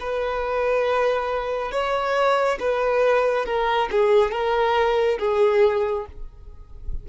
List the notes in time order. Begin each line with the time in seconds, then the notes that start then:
0.00 B4
1.71 C#5
2.59 B4
3.45 A#4
3.91 G#4
4.31 A#4
5.19 G#4